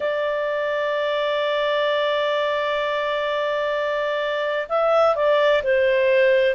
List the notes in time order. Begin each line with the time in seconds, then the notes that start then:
0.00 D5
4.68 E5
5.15 D5
5.63 C5